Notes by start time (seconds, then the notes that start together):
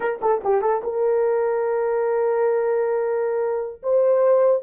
0.00 A#4
0.21 A4
0.44 G4
0.61 A4
0.83 A#4
3.82 C5